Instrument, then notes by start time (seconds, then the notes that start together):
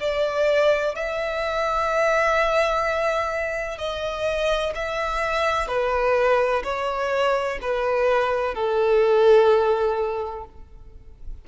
violin
0.00 D5
0.95 E5
3.78 D#5
4.75 E5
5.68 B4
6.63 C#5
7.61 B4
8.54 A4